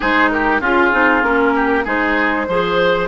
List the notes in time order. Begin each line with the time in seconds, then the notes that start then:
0.00 G#3 D#4 G#4 C5
0.30 G4 A#4
0.60 C#4 F4 G#4
0.92 C4 D#4
1.22 A#3 C#4 A#4
1.55 G4
1.84 G#3 D#4 G#4 C5
2.48 F3 G#4 C5